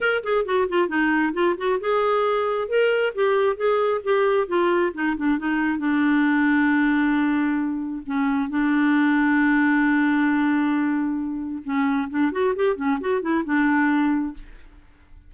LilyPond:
\new Staff \with { instrumentName = "clarinet" } { \time 4/4 \tempo 4 = 134 ais'8 gis'8 fis'8 f'8 dis'4 f'8 fis'8 | gis'2 ais'4 g'4 | gis'4 g'4 f'4 dis'8 d'8 | dis'4 d'2.~ |
d'2 cis'4 d'4~ | d'1~ | d'2 cis'4 d'8 fis'8 | g'8 cis'8 fis'8 e'8 d'2 | }